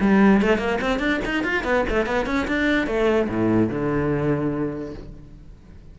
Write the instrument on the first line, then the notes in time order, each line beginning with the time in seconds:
cello
0.00 G3
0.41 A3
0.58 A#3
0.81 C4
0.99 D4
1.25 D#4
1.43 F4
1.64 B3
1.89 A3
2.06 B3
2.26 C#4
2.47 D4
2.86 A3
3.29 A2
3.69 D3